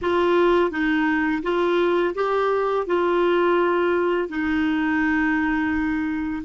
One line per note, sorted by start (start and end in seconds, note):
0.01 0.70 F4
0.70 1.42 D#4
1.43 2.14 F4
2.14 2.86 G4
2.86 4.28 F4
4.28 6.43 D#4